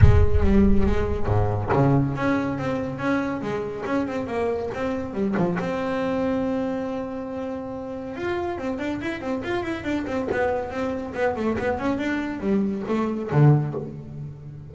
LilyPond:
\new Staff \with { instrumentName = "double bass" } { \time 4/4 \tempo 4 = 140 gis4 g4 gis4 gis,4 | cis4 cis'4 c'4 cis'4 | gis4 cis'8 c'8 ais4 c'4 | g8 f8 c'2.~ |
c'2. f'4 | c'8 d'8 e'8 c'8 f'8 e'8 d'8 c'8 | b4 c'4 b8 a8 b8 cis'8 | d'4 g4 a4 d4 | }